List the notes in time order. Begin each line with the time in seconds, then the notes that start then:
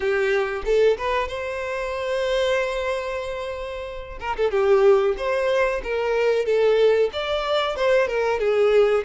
0.00 G4
0.65 A4
0.97 B4
1.28 C5
4.20 A#4
4.36 A4
4.50 G4
5.17 C5
5.83 A#4
6.45 A4
7.13 D5
7.76 C5
8.07 A#4
8.39 G#4